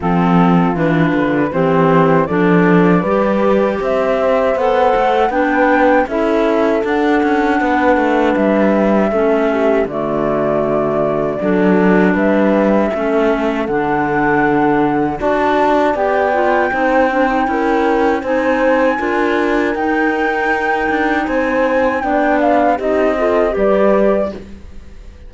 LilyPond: <<
  \new Staff \with { instrumentName = "flute" } { \time 4/4 \tempo 4 = 79 a'4 b'4 c''4 d''4~ | d''4 e''4 fis''4 g''4 | e''4 fis''2 e''4~ | e''4 d''2. |
e''2 fis''2 | a''4 g''2. | gis''2 g''2 | gis''4 g''8 f''8 dis''4 d''4 | }
  \new Staff \with { instrumentName = "horn" } { \time 4/4 f'2 g'4 a'4 | b'4 c''2 b'4 | a'2 b'2 | a'8 g'8 fis'2 a'4 |
b'4 a'2. | d''2 c''4 ais'4 | c''4 ais'2. | c''4 d''4 g'8 a'8 b'4 | }
  \new Staff \with { instrumentName = "clarinet" } { \time 4/4 c'4 d'4 c'4 d'4 | g'2 a'4 d'4 | e'4 d'2. | cis'4 a2 d'4~ |
d'4 cis'4 d'2 | fis'4 g'8 f'8 dis'8 d'16 dis'16 e'4 | dis'4 f'4 dis'2~ | dis'4 d'4 dis'8 f'8 g'4 | }
  \new Staff \with { instrumentName = "cello" } { \time 4/4 f4 e8 d8 e4 f4 | g4 c'4 b8 a8 b4 | cis'4 d'8 cis'8 b8 a8 g4 | a4 d2 fis4 |
g4 a4 d2 | d'4 b4 c'4 cis'4 | c'4 d'4 dis'4. d'8 | c'4 b4 c'4 g4 | }
>>